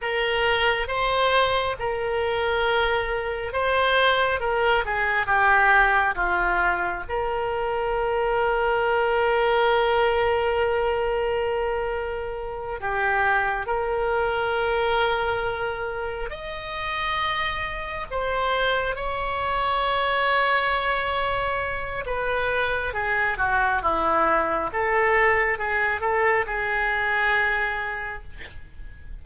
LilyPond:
\new Staff \with { instrumentName = "oboe" } { \time 4/4 \tempo 4 = 68 ais'4 c''4 ais'2 | c''4 ais'8 gis'8 g'4 f'4 | ais'1~ | ais'2~ ais'8 g'4 ais'8~ |
ais'2~ ais'8 dis''4.~ | dis''8 c''4 cis''2~ cis''8~ | cis''4 b'4 gis'8 fis'8 e'4 | a'4 gis'8 a'8 gis'2 | }